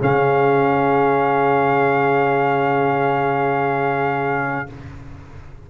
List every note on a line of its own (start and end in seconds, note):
0.00 4.69 C#3
0.00 4.68 C#4
0.00 4.68 G#4
0.00 4.71 F5